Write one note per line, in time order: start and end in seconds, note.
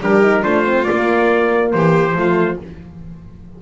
0.00 0.43 G3
0.00 0.22 D4
0.00 0.42 G4
0.00 0.44 A#4
0.22 0.42 D#4
0.42 0.88 A3
0.42 0.64 D4
0.42 1.72 F4
0.42 0.84 C5
0.65 0.84 C4
0.84 2.14 A#3
0.84 1.71 D5
0.90 1.74 A#3
1.72 2.13 E3
1.72 2.18 G4
1.72 2.59 C5
2.13 2.56 F3
2.13 2.58 A3
2.13 2.62 F4